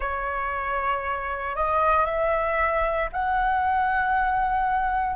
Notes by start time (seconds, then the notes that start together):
0.00 C#5
1.55 D#5
2.05 E5
3.12 F#5